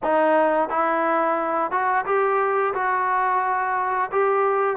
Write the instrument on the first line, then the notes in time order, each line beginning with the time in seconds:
trombone
0.03 D#4
0.69 E4
1.71 F#4
2.05 G4
2.73 F#4
4.11 G4